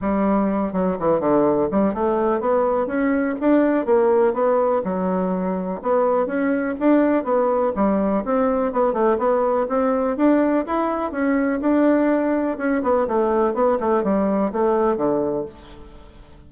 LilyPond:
\new Staff \with { instrumentName = "bassoon" } { \time 4/4 \tempo 4 = 124 g4. fis8 e8 d4 g8 | a4 b4 cis'4 d'4 | ais4 b4 fis2 | b4 cis'4 d'4 b4 |
g4 c'4 b8 a8 b4 | c'4 d'4 e'4 cis'4 | d'2 cis'8 b8 a4 | b8 a8 g4 a4 d4 | }